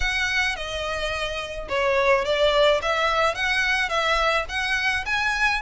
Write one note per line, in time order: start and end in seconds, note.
0.00 0.56 F#5
0.56 1.68 D#5
1.68 2.24 C#5
2.24 2.80 D5
2.82 3.34 E5
3.34 3.89 F#5
3.89 4.45 E5
4.49 5.05 F#5
5.05 5.61 G#5